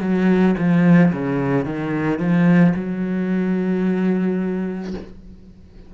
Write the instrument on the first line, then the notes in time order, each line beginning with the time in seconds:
cello
0.00 F#3
0.58 F3
1.12 C#3
1.65 D#3
2.18 F3
2.75 F#3